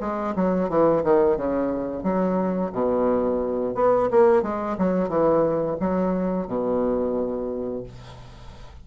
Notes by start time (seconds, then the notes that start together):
0.00 G#3
0.36 F#3
0.69 E3
1.04 D#3
1.36 C#3
2.03 F#3
2.72 B2
3.75 B3
4.11 A#3
4.43 G#3
4.78 F#3
5.09 E3
5.80 F#3
6.47 B2